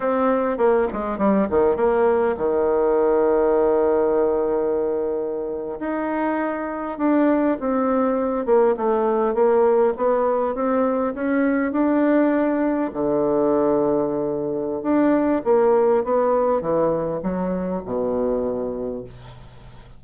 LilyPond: \new Staff \with { instrumentName = "bassoon" } { \time 4/4 \tempo 4 = 101 c'4 ais8 gis8 g8 dis8 ais4 | dis1~ | dis4.~ dis16 dis'2 d'16~ | d'8. c'4. ais8 a4 ais16~ |
ais8. b4 c'4 cis'4 d'16~ | d'4.~ d'16 d2~ d16~ | d4 d'4 ais4 b4 | e4 fis4 b,2 | }